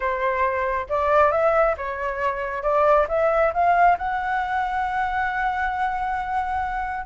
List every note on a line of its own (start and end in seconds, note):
0.00 0.87 C5
0.89 1.31 D5
1.31 1.75 E5
1.77 2.62 C#5
2.62 3.07 D5
3.08 3.52 E5
3.53 3.97 F5
3.98 7.05 F#5